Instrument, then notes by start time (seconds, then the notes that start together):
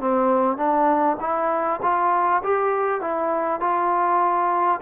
trombone
0.00 C4
0.57 D4
1.20 E4
1.82 F4
2.43 G4
3.01 E4
3.60 F4